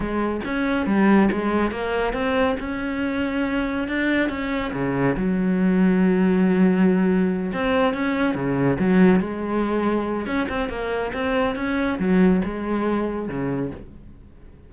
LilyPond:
\new Staff \with { instrumentName = "cello" } { \time 4/4 \tempo 4 = 140 gis4 cis'4 g4 gis4 | ais4 c'4 cis'2~ | cis'4 d'4 cis'4 cis4 | fis1~ |
fis4. c'4 cis'4 cis8~ | cis8 fis4 gis2~ gis8 | cis'8 c'8 ais4 c'4 cis'4 | fis4 gis2 cis4 | }